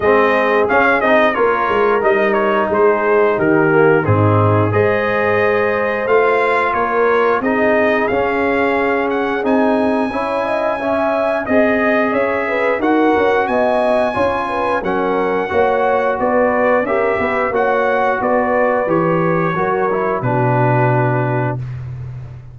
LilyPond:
<<
  \new Staff \with { instrumentName = "trumpet" } { \time 4/4 \tempo 4 = 89 dis''4 f''8 dis''8 cis''4 dis''8 cis''8 | c''4 ais'4 gis'4 dis''4~ | dis''4 f''4 cis''4 dis''4 | f''4. fis''8 gis''2~ |
gis''4 dis''4 e''4 fis''4 | gis''2 fis''2 | d''4 e''4 fis''4 d''4 | cis''2 b'2 | }
  \new Staff \with { instrumentName = "horn" } { \time 4/4 gis'2 ais'2 | gis'4 g'4 dis'4 c''4~ | c''2 ais'4 gis'4~ | gis'2. cis''8 dis''8 |
e''4 dis''4 cis''8 b'8 ais'4 | dis''4 cis''8 b'8 ais'4 cis''4 | b'4 ais'8 b'8 cis''4 b'4~ | b'4 ais'4 fis'2 | }
  \new Staff \with { instrumentName = "trombone" } { \time 4/4 c'4 cis'8 dis'8 f'4 dis'4~ | dis'4. ais8 c'4 gis'4~ | gis'4 f'2 dis'4 | cis'2 dis'4 e'4 |
cis'4 gis'2 fis'4~ | fis'4 f'4 cis'4 fis'4~ | fis'4 g'4 fis'2 | g'4 fis'8 e'8 d'2 | }
  \new Staff \with { instrumentName = "tuba" } { \time 4/4 gis4 cis'8 c'8 ais8 gis8 g4 | gis4 dis4 gis,4 gis4~ | gis4 a4 ais4 c'4 | cis'2 c'4 cis'4~ |
cis'4 c'4 cis'4 dis'8 cis'8 | b4 cis'4 fis4 ais4 | b4 cis'8 b8 ais4 b4 | e4 fis4 b,2 | }
>>